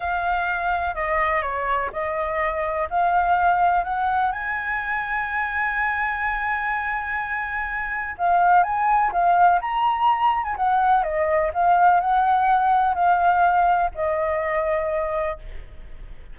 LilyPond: \new Staff \with { instrumentName = "flute" } { \time 4/4 \tempo 4 = 125 f''2 dis''4 cis''4 | dis''2 f''2 | fis''4 gis''2.~ | gis''1~ |
gis''4 f''4 gis''4 f''4 | ais''4.~ ais''16 gis''16 fis''4 dis''4 | f''4 fis''2 f''4~ | f''4 dis''2. | }